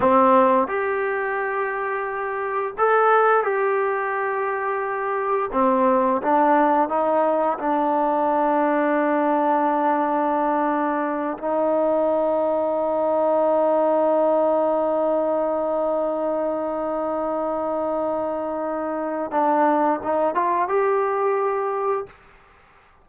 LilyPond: \new Staff \with { instrumentName = "trombone" } { \time 4/4 \tempo 4 = 87 c'4 g'2. | a'4 g'2. | c'4 d'4 dis'4 d'4~ | d'1~ |
d'8 dis'2.~ dis'8~ | dis'1~ | dis'1 | d'4 dis'8 f'8 g'2 | }